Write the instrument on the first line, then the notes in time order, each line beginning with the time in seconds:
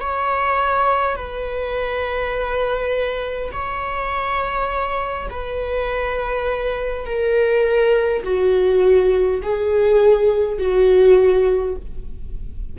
viola
0.00 C#5
1.16 B4
3.52 C#5
5.30 B4
7.05 A#4
8.24 F#4
9.42 G#4
10.58 F#4